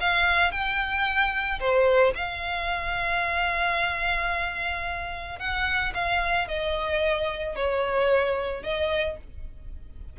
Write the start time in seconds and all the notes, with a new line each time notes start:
0.00 F5
0.51 G5
1.60 C5
2.15 F5
5.39 F#5
5.94 F5
6.48 D#5
7.55 C#5
8.63 D#5